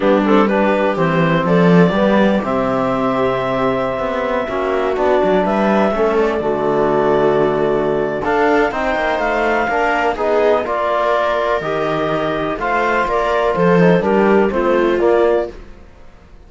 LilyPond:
<<
  \new Staff \with { instrumentName = "clarinet" } { \time 4/4 \tempo 4 = 124 g'8 a'8 b'4 c''4 d''4~ | d''4 e''2.~ | e''2~ e''16 d''4 e''8.~ | e''8. d''2.~ d''16~ |
d''4 f''4 g''4 f''4~ | f''4 dis''4 d''2 | dis''2 f''4 d''4 | c''4 ais'4 c''4 d''4 | }
  \new Staff \with { instrumentName = "viola" } { \time 4/4 d'4 g'2 a'4 | g'1~ | g'4~ g'16 fis'2 b'8.~ | b'16 a'4 fis'2~ fis'8.~ |
fis'4 a'4 c''2 | ais'4 gis'4 ais'2~ | ais'2 c''4 ais'4 | a'4 g'4 f'2 | }
  \new Staff \with { instrumentName = "trombone" } { \time 4/4 b8 c'8 d'4 c'2 | b4 c'2.~ | c'4~ c'16 cis'4 d'4.~ d'16~ | d'16 cis'4 a2~ a8.~ |
a4 d'4 dis'2 | d'4 dis'4 f'2 | g'2 f'2~ | f'8 dis'8 d'4 c'4 ais4 | }
  \new Staff \with { instrumentName = "cello" } { \time 4/4 g2 e4 f4 | g4 c2.~ | c16 b4 ais4 b8 fis8 g8.~ | g16 a4 d2~ d8.~ |
d4 d'4 c'8 ais8 a4 | ais4 b4 ais2 | dis2 a4 ais4 | f4 g4 a4 ais4 | }
>>